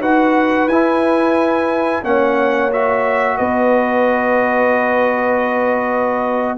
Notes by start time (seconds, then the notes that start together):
0.00 D#4 F#4 B4 F#5
0.67 E4 G#5
2.04 A#3 C#4 C#5 F#5
2.72 F#4 E5
3.38 B3 B4 D#5